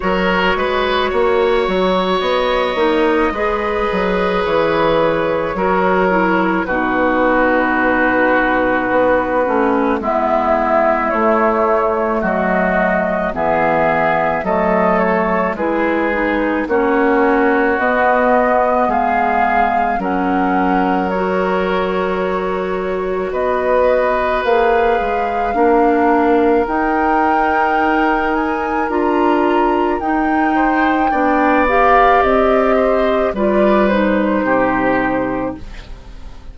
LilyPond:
<<
  \new Staff \with { instrumentName = "flute" } { \time 4/4 \tempo 4 = 54 cis''2 dis''2 | cis''2 b'2~ | b'4 e''4 cis''4 dis''4 | e''4 dis''8 cis''8 b'4 cis''4 |
dis''4 f''4 fis''4 cis''4~ | cis''4 dis''4 f''2 | g''4. gis''8 ais''4 g''4~ | g''8 f''8 dis''4 d''8 c''4. | }
  \new Staff \with { instrumentName = "oboe" } { \time 4/4 ais'8 b'8 cis''2 b'4~ | b'4 ais'4 fis'2~ | fis'4 e'2 fis'4 | gis'4 a'4 gis'4 fis'4~ |
fis'4 gis'4 ais'2~ | ais'4 b'2 ais'4~ | ais'2.~ ais'8 c''8 | d''4. c''8 b'4 g'4 | }
  \new Staff \with { instrumentName = "clarinet" } { \time 4/4 fis'2~ fis'8 dis'8 gis'4~ | gis'4 fis'8 e'8 dis'2~ | dis'8 cis'8 b4 a2 | b4 a4 e'8 dis'8 cis'4 |
b2 cis'4 fis'4~ | fis'2 gis'4 d'4 | dis'2 f'4 dis'4 | d'8 g'4. f'8 dis'4. | }
  \new Staff \with { instrumentName = "bassoon" } { \time 4/4 fis8 gis8 ais8 fis8 b8 ais8 gis8 fis8 | e4 fis4 b,2 | b8 a8 gis4 a4 fis4 | e4 fis4 gis4 ais4 |
b4 gis4 fis2~ | fis4 b4 ais8 gis8 ais4 | dis'2 d'4 dis'4 | b4 c'4 g4 c4 | }
>>